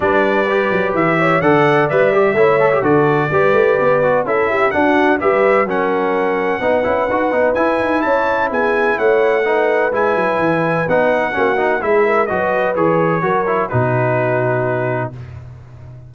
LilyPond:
<<
  \new Staff \with { instrumentName = "trumpet" } { \time 4/4 \tempo 4 = 127 d''2 e''4 fis''4 | e''2 d''2~ | d''4 e''4 fis''4 e''4 | fis''1 |
gis''4 a''4 gis''4 fis''4~ | fis''4 gis''2 fis''4~ | fis''4 e''4 dis''4 cis''4~ | cis''4 b'2. | }
  \new Staff \with { instrumentName = "horn" } { \time 4/4 b'2~ b'8 cis''8 d''4~ | d''4 cis''4 a'4 b'4~ | b'4 a'8 g'8 fis'4 b'4 | ais'2 b'2~ |
b'4 cis''4 gis'4 cis''4 | b'1 | fis'4 gis'8 ais'8 b'2 | ais'4 fis'2. | }
  \new Staff \with { instrumentName = "trombone" } { \time 4/4 d'4 g'2 a'4 | b'8 g'8 e'8 a'16 g'16 fis'4 g'4~ | g'8 fis'8 e'4 d'4 g'4 | cis'2 dis'8 e'8 fis'8 dis'8 |
e'1 | dis'4 e'2 dis'4 | cis'8 dis'8 e'4 fis'4 gis'4 | fis'8 e'8 dis'2. | }
  \new Staff \with { instrumentName = "tuba" } { \time 4/4 g4. fis8 e4 d4 | g4 a4 d4 g8 a8 | b4 cis'4 d'4 g4 | fis2 b8 cis'8 dis'8 b8 |
e'8 dis'8 cis'4 b4 a4~ | a4 gis8 fis8 e4 b4 | ais4 gis4 fis4 e4 | fis4 b,2. | }
>>